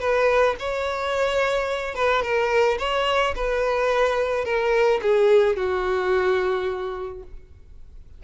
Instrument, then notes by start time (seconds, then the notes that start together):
violin
0.00 B4
0.59 C#5
1.95 B4
2.22 A#4
2.79 C#5
3.36 B4
4.45 A#4
5.02 G#4
5.57 F#4